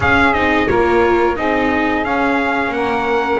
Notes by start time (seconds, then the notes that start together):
0.00 C#4 G#4 F5
0.33 C4 D#4 D#5
0.68 A#3 F4 A#4 C#5
1.36 C4 D#4 G#4 D#5
2.04 C#4 F5
2.68 A#3 A#4 F#5